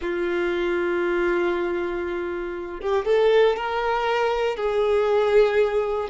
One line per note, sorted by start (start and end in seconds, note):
0.01 2.80 F4
2.80 3.05 G4
3.05 3.56 A4
3.56 4.56 A#4
4.56 6.09 G#4